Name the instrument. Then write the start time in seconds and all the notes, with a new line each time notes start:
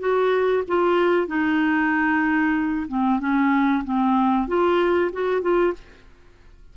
clarinet
0.00 F#4
0.68 F4
1.28 D#4
2.88 C4
3.20 C#4
3.85 C4
4.48 F4
5.13 F#4
5.42 F4